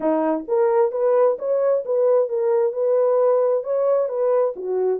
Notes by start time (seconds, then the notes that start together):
0.00 D#4
0.48 A#4
0.91 B4
1.38 C#5
1.85 B4
2.28 A#4
2.73 B4
3.63 C#5
4.08 B4
4.56 F#4